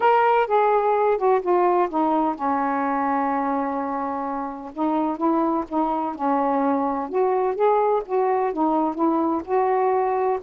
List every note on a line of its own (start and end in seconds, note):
0.00 0.46 A#4
0.46 1.17 G#4
1.17 1.41 F#4
1.41 1.88 F4
1.89 2.35 D#4
2.35 4.71 C#4
4.73 5.17 D#4
5.17 5.64 E4
5.68 6.15 D#4
6.15 7.09 C#4
7.09 7.55 F#4
7.55 8.02 G#4
8.05 8.52 F#4
8.52 8.94 D#4
8.94 9.42 E4
9.44 10.39 F#4